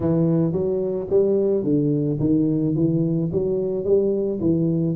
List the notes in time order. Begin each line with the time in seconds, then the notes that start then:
0.00 E3
0.52 F#3
1.10 G3
1.63 D3
2.20 D#3
2.75 E3
3.32 F#3
3.84 G3
4.40 E3